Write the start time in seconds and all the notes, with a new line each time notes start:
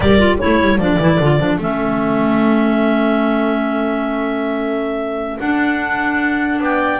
0.00 G3 G4 A#4 D5
0.18 F4
0.39 A3 E4 A4 C#5
0.61 G3
0.77 F3 D4 D5
0.98 E3 E4
1.19 D3 F4
1.39 F3 D4
1.57 A3 C#4 E5
5.39 D4 F#5
6.60 B3 D5 G5